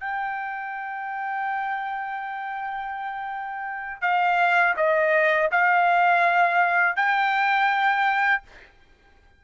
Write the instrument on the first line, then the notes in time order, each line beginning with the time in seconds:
trumpet
0.00 G5
4.01 F5
4.77 D#5
5.51 F5
6.97 G5